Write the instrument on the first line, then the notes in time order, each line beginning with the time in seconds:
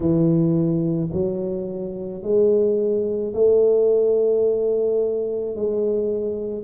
tuba
0.00 E3
1.12 F#3
2.22 G#3
3.33 A3
5.55 G#3